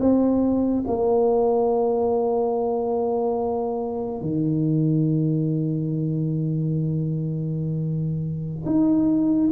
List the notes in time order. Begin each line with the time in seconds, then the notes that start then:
0.00 C4
0.88 A#3
4.22 D#3
8.66 D#4